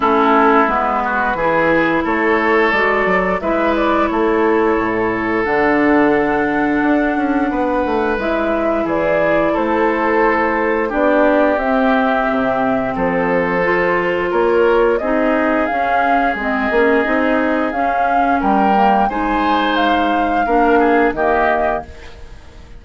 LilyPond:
<<
  \new Staff \with { instrumentName = "flute" } { \time 4/4 \tempo 4 = 88 a'4 b'2 cis''4 | d''4 e''8 d''8 cis''2 | fis''1 | e''4 d''4 c''2 |
d''4 e''2 c''4~ | c''4 cis''4 dis''4 f''4 | dis''2 f''4 g''4 | gis''4 f''2 dis''4 | }
  \new Staff \with { instrumentName = "oboe" } { \time 4/4 e'4. fis'8 gis'4 a'4~ | a'4 b'4 a'2~ | a'2. b'4~ | b'4 gis'4 a'2 |
g'2. a'4~ | a'4 ais'4 gis'2~ | gis'2. ais'4 | c''2 ais'8 gis'8 g'4 | }
  \new Staff \with { instrumentName = "clarinet" } { \time 4/4 cis'4 b4 e'2 | fis'4 e'2. | d'1 | e'1 |
d'4 c'2. | f'2 dis'4 cis'4 | c'8 cis'8 dis'4 cis'4. ais8 | dis'2 d'4 ais4 | }
  \new Staff \with { instrumentName = "bassoon" } { \time 4/4 a4 gis4 e4 a4 | gis8 fis8 gis4 a4 a,4 | d2 d'8 cis'8 b8 a8 | gis4 e4 a2 |
b4 c'4 c4 f4~ | f4 ais4 c'4 cis'4 | gis8 ais8 c'4 cis'4 g4 | gis2 ais4 dis4 | }
>>